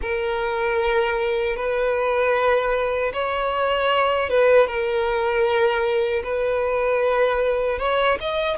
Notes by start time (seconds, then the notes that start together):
0.01 A#4
1.56 B4
3.13 C#5
4.29 B4
4.67 A#4
6.23 B4
7.79 C#5
8.20 D#5